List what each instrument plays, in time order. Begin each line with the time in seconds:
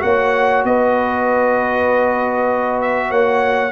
0.00 tuba A#3, trombone F#4, horn C#5, trumpet F#5
0.64 tuba B3, horn B4, trumpet D#5
2.82 trumpet E5
3.10 tuba A#3, horn C#5, trumpet F#5